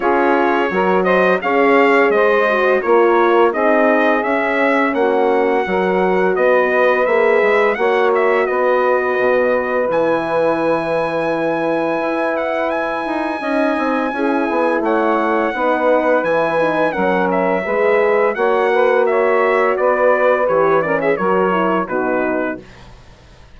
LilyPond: <<
  \new Staff \with { instrumentName = "trumpet" } { \time 4/4 \tempo 4 = 85 cis''4. dis''8 f''4 dis''4 | cis''4 dis''4 e''4 fis''4~ | fis''4 dis''4 e''4 fis''8 e''8 | dis''2 gis''2~ |
gis''4. fis''8 gis''2~ | gis''4 fis''2 gis''4 | fis''8 e''4. fis''4 e''4 | d''4 cis''8 d''16 e''16 cis''4 b'4 | }
  \new Staff \with { instrumentName = "saxophone" } { \time 4/4 gis'4 ais'8 c''8 cis''4 c''4 | ais'4 gis'2 fis'4 | ais'4 b'2 cis''4 | b'1~ |
b'2. dis''4 | gis'4 cis''4 b'2 | ais'4 b'4 cis''8 b'8 cis''4 | b'4. ais'16 gis'16 ais'4 fis'4 | }
  \new Staff \with { instrumentName = "horn" } { \time 4/4 f'4 fis'4 gis'4. fis'8 | f'4 dis'4 cis'2 | fis'2 gis'4 fis'4~ | fis'2 e'2~ |
e'2. dis'4 | e'2 dis'4 e'8 dis'8 | cis'4 gis'4 fis'2~ | fis'4 g'8 cis'8 fis'8 e'8 dis'4 | }
  \new Staff \with { instrumentName = "bassoon" } { \time 4/4 cis'4 fis4 cis'4 gis4 | ais4 c'4 cis'4 ais4 | fis4 b4 ais8 gis8 ais4 | b4 b,4 e2~ |
e4 e'4. dis'8 cis'8 c'8 | cis'8 b8 a4 b4 e4 | fis4 gis4 ais2 | b4 e4 fis4 b,4 | }
>>